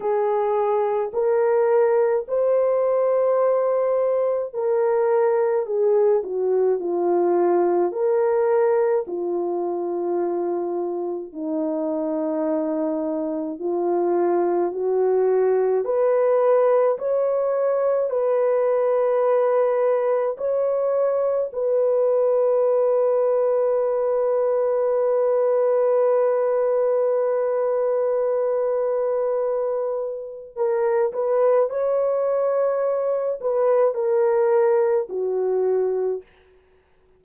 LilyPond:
\new Staff \with { instrumentName = "horn" } { \time 4/4 \tempo 4 = 53 gis'4 ais'4 c''2 | ais'4 gis'8 fis'8 f'4 ais'4 | f'2 dis'2 | f'4 fis'4 b'4 cis''4 |
b'2 cis''4 b'4~ | b'1~ | b'2. ais'8 b'8 | cis''4. b'8 ais'4 fis'4 | }